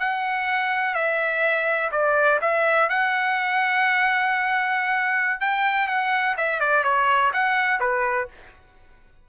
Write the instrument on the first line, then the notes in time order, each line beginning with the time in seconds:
trumpet
0.00 F#5
0.95 E5
1.92 D5
2.41 E5
2.89 F#5
5.41 G5
5.88 F#5
6.37 E5
6.60 D5
6.84 C#5
7.34 F#5
7.80 B4